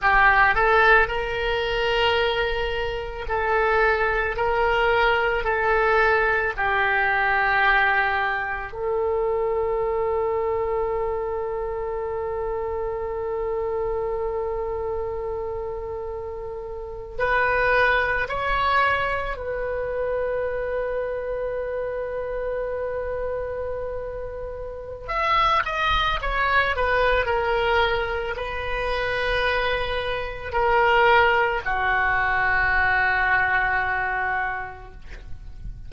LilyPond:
\new Staff \with { instrumentName = "oboe" } { \time 4/4 \tempo 4 = 55 g'8 a'8 ais'2 a'4 | ais'4 a'4 g'2 | a'1~ | a'2.~ a'8. b'16~ |
b'8. cis''4 b'2~ b'16~ | b'2. e''8 dis''8 | cis''8 b'8 ais'4 b'2 | ais'4 fis'2. | }